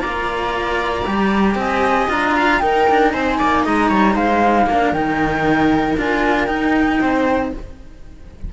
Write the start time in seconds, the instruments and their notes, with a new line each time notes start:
0.00 cello A#3 F4, viola D5, flute A#5
1.06 cello G3 G4
1.55 cello C4, viola D#5, flute G#5
2.09 cello D4 F4, flute A#5
2.36 viola F5
2.59 cello D#4, viola A#4, flute G5
2.90 cello D4
3.12 cello C4, viola C5, flute G#5
3.38 cello A#3, viola D5
3.65 cello G#3, viola D#5, flute A#5
3.88 cello G3, viola C#5
4.13 cello G#3, viola C5, flute F5
4.67 cello A#3 D4, viola A#4
4.92 cello D#3 D#4, flute G5
5.97 cello D4 F4, flute G#5
6.46 cello D#4, flute G5
7.01 cello C4, viola C5